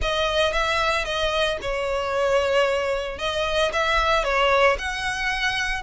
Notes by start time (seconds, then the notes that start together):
0.01 D#5
0.53 E5
1.04 D#5
1.61 C#5
3.18 D#5
3.72 E5
4.24 C#5
4.78 F#5